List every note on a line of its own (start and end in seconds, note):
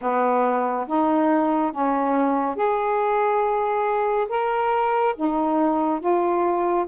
0.01 0.86 B3
0.87 1.71 D#4
1.71 2.55 C#4
2.55 4.27 G#4
4.29 5.14 A#4
5.15 6.00 D#4
6.00 6.85 F4